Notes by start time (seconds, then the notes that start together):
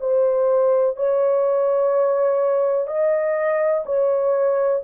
0.00 C5
0.96 C#5
2.87 D#5
3.85 C#5